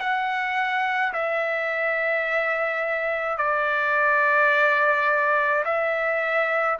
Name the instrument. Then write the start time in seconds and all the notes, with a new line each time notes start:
trumpet
0.00 F#5
1.14 E5
3.38 D5
5.65 E5